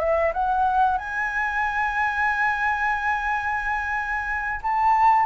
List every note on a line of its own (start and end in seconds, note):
0.00 0.33 E5
0.34 0.98 F#5
0.98 4.61 G#5
4.63 5.26 A5